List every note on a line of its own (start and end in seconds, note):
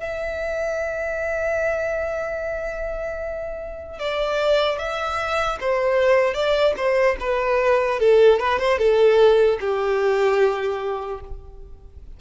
0.00 3.99 E5
3.99 4.78 D5
4.78 5.58 E5
5.60 6.34 C5
6.34 6.74 D5
6.77 7.17 C5
7.20 7.99 B4
7.99 8.39 A4
8.39 8.59 B4
8.59 8.78 C5
8.78 9.58 A4
9.60 11.20 G4